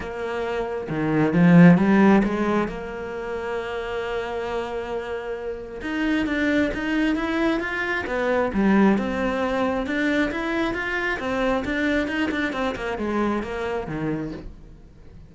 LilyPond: \new Staff \with { instrumentName = "cello" } { \time 4/4 \tempo 4 = 134 ais2 dis4 f4 | g4 gis4 ais2~ | ais1~ | ais4 dis'4 d'4 dis'4 |
e'4 f'4 b4 g4 | c'2 d'4 e'4 | f'4 c'4 d'4 dis'8 d'8 | c'8 ais8 gis4 ais4 dis4 | }